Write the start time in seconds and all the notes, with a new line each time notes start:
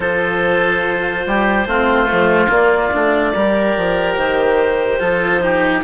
0.00 F3 F4 A4 C5
1.26 G3 G4
1.66 A3 C4 F4
2.06 F3 A3
2.49 A#3 D5
2.91 A3 D4
3.33 G3 G4 A#4
3.76 F3
4.15 D#3 C5
4.99 F3 F4 A4
5.41 D#4 G4